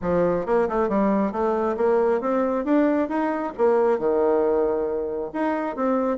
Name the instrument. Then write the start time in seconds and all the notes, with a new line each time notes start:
bassoon
0.01 F3
0.46 A#3
0.69 A3
0.88 G3
1.32 A3
1.76 A#3
2.21 C4
2.64 D4
3.08 D#4
3.57 A#3
3.98 D#3
5.33 D#4
5.76 C4